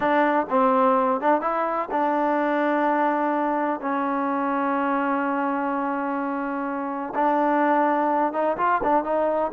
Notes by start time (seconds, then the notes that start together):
0.00 D4
0.49 C4
1.20 D4
1.41 E4
1.91 D4
3.80 C#4
7.14 D4
8.32 D#4
8.57 F4
8.83 D4
9.04 D#4